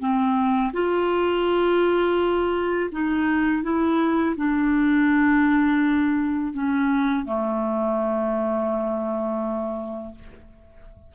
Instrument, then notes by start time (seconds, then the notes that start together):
clarinet
0.00 C4
0.73 F4
2.92 D#4
3.63 E4
4.37 D4
6.54 C#4
7.26 A3